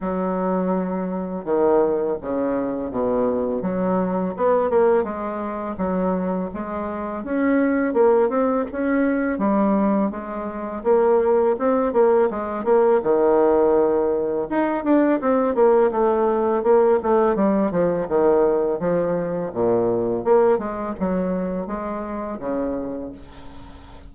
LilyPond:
\new Staff \with { instrumentName = "bassoon" } { \time 4/4 \tempo 4 = 83 fis2 dis4 cis4 | b,4 fis4 b8 ais8 gis4 | fis4 gis4 cis'4 ais8 c'8 | cis'4 g4 gis4 ais4 |
c'8 ais8 gis8 ais8 dis2 | dis'8 d'8 c'8 ais8 a4 ais8 a8 | g8 f8 dis4 f4 ais,4 | ais8 gis8 fis4 gis4 cis4 | }